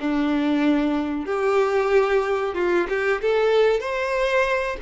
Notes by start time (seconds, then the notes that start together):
0.00 D4
1.26 G4
2.55 F4
2.89 G4
3.21 A4
3.80 C5